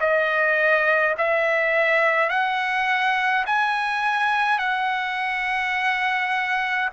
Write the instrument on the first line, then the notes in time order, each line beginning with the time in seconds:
trumpet
0.00 D#5
1.18 E5
2.30 F#5
3.46 G#5
4.59 F#5